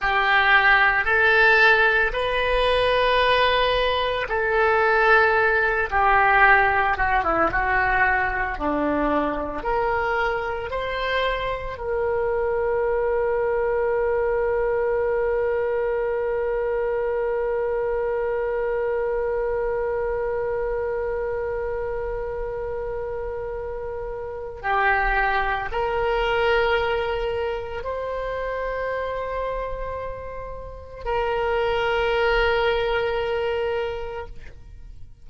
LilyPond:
\new Staff \with { instrumentName = "oboe" } { \time 4/4 \tempo 4 = 56 g'4 a'4 b'2 | a'4. g'4 fis'16 e'16 fis'4 | d'4 ais'4 c''4 ais'4~ | ais'1~ |
ais'1~ | ais'2. g'4 | ais'2 c''2~ | c''4 ais'2. | }